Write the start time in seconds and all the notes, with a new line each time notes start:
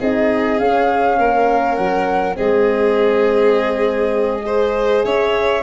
0.00 C4 D#4 G#4 D#5
0.59 C#4 F5
1.18 A#3 A#4
1.75 F#3 F#5
2.34 G#3 C4 G#4 D#5
4.41 G#4 C5
5.04 C#4 C#5 E5